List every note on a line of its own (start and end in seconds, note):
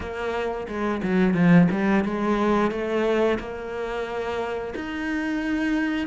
0.00 0.67 A#3
0.67 1.01 G#3
1.02 1.34 F#3
1.34 1.67 F3
1.71 2.04 G3
2.04 2.71 G#3
2.71 3.38 A3
3.39 4.74 A#3
4.75 6.07 D#4